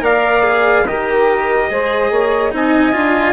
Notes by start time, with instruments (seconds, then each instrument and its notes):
0.00 bassoon A#3, cello A#4, saxophone D5, trumpet F5
0.43 cello G#4
0.87 bassoon D#3, cello G4, saxophone A#4, trumpet D#5
1.70 bassoon G#3, cello G#4, saxophone C5
2.10 bassoon A#3, saxophone C#5
2.51 bassoon C4, cello D#4, saxophone D#5, trumpet G#5
2.92 bassoon D4, cello F4